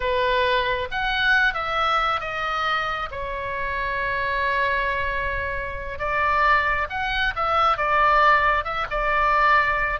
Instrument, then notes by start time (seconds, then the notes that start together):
oboe
0.00 B4
0.91 F#5
1.53 E5
2.20 D#5
3.11 C#5
5.98 D5
6.89 F#5
7.35 E5
7.77 D5
8.64 E5
8.90 D5